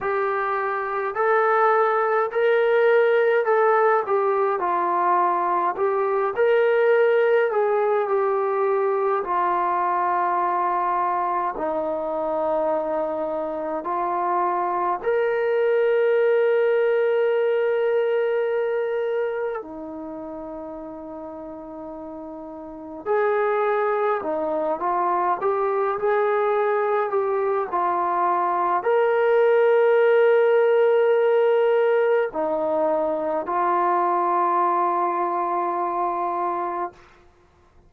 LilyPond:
\new Staff \with { instrumentName = "trombone" } { \time 4/4 \tempo 4 = 52 g'4 a'4 ais'4 a'8 g'8 | f'4 g'8 ais'4 gis'8 g'4 | f'2 dis'2 | f'4 ais'2.~ |
ais'4 dis'2. | gis'4 dis'8 f'8 g'8 gis'4 g'8 | f'4 ais'2. | dis'4 f'2. | }